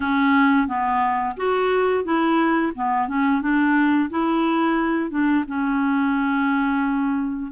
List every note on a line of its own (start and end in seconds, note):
0.00 0.67 C#4
0.67 1.35 B3
1.36 2.04 F#4
2.04 2.72 E4
2.75 3.07 B3
3.07 3.41 C#4
3.41 4.09 D4
4.10 5.10 E4
5.10 5.44 D4
5.47 7.52 C#4